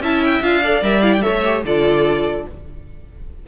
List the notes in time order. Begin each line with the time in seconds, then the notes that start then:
0.00 C#4 E4 E5 A5
0.25 G5
0.41 D4 F4 F5
0.63 A4 D5
0.82 G3 A#4 E5
1.02 E4 F5
1.13 G5
1.22 A4 C#5 E5
1.28 A3
1.45 G4
1.64 D3 F4 A4 D5